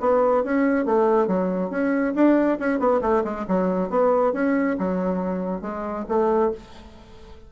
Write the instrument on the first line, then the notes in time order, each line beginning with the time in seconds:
bassoon
0.00 B3
0.43 C#4
0.85 A3
1.27 F#3
1.70 C#4
2.15 D4
2.59 C#4
2.79 B3
3.01 A3
3.24 G#3
3.47 F#3
3.90 B3
4.33 C#4
4.78 F#3
5.61 G#3
6.08 A3